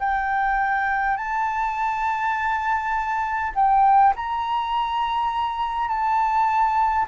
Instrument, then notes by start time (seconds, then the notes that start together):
flute
0.00 G5
1.17 A5
3.55 G5
4.16 A#5
5.88 A5